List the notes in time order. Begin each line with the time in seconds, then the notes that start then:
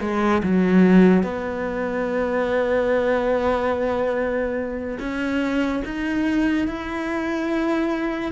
0.00 G#3
0.42 F#3
1.23 B3
4.99 C#4
5.85 D#4
6.67 E4